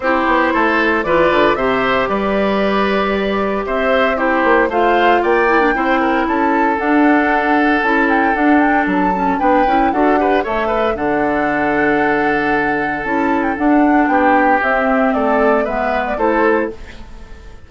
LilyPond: <<
  \new Staff \with { instrumentName = "flute" } { \time 4/4 \tempo 4 = 115 c''2 d''4 e''4 | d''2. e''4 | c''4 f''4 g''2 | a''4 fis''2 a''8 g''8 |
fis''8 g''8 a''4 g''4 fis''4 | e''4 fis''2.~ | fis''4 a''8. g''16 fis''4 g''4 | e''4 d''4 e''8. d''16 c''4 | }
  \new Staff \with { instrumentName = "oboe" } { \time 4/4 g'4 a'4 b'4 c''4 | b'2. c''4 | g'4 c''4 d''4 c''8 ais'8 | a'1~ |
a'2 b'4 a'8 b'8 | cis''8 b'8 a'2.~ | a'2. g'4~ | g'4 a'4 b'4 a'4 | }
  \new Staff \with { instrumentName = "clarinet" } { \time 4/4 e'2 f'4 g'4~ | g'1 | e'4 f'4. e'16 d'16 e'4~ | e'4 d'2 e'4 |
d'4. cis'8 d'8 e'8 fis'8 g'8 | a'4 d'2.~ | d'4 e'4 d'2 | c'2 b4 e'4 | }
  \new Staff \with { instrumentName = "bassoon" } { \time 4/4 c'8 b8 a4 e8 d8 c4 | g2. c'4~ | c'8 ais8 a4 ais4 c'4 | cis'4 d'2 cis'4 |
d'4 fis4 b8 cis'8 d'4 | a4 d2.~ | d4 cis'4 d'4 b4 | c'4 a4 gis4 a4 | }
>>